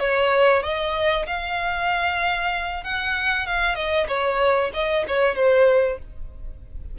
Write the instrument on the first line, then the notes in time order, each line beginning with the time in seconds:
violin
0.00 C#5
0.63 D#5
1.27 F5
2.84 F#5
3.47 F5
3.76 D#5
4.09 C#5
4.74 D#5
5.08 C#5
5.36 C5